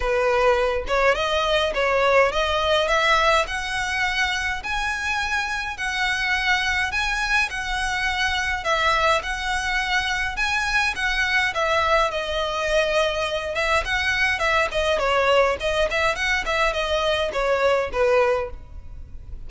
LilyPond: \new Staff \with { instrumentName = "violin" } { \time 4/4 \tempo 4 = 104 b'4. cis''8 dis''4 cis''4 | dis''4 e''4 fis''2 | gis''2 fis''2 | gis''4 fis''2 e''4 |
fis''2 gis''4 fis''4 | e''4 dis''2~ dis''8 e''8 | fis''4 e''8 dis''8 cis''4 dis''8 e''8 | fis''8 e''8 dis''4 cis''4 b'4 | }